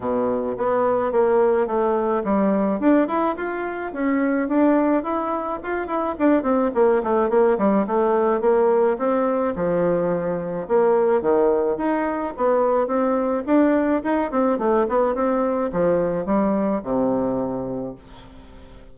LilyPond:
\new Staff \with { instrumentName = "bassoon" } { \time 4/4 \tempo 4 = 107 b,4 b4 ais4 a4 | g4 d'8 e'8 f'4 cis'4 | d'4 e'4 f'8 e'8 d'8 c'8 | ais8 a8 ais8 g8 a4 ais4 |
c'4 f2 ais4 | dis4 dis'4 b4 c'4 | d'4 dis'8 c'8 a8 b8 c'4 | f4 g4 c2 | }